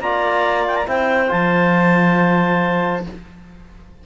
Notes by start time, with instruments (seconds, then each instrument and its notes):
0.00 cello A#3, trombone F4, clarinet D5 A#5
0.67 clarinet G5
0.76 clarinet A#5
0.86 cello C4, trombone E4, clarinet C5 G5
1.28 cello F3, trombone F4, clarinet A5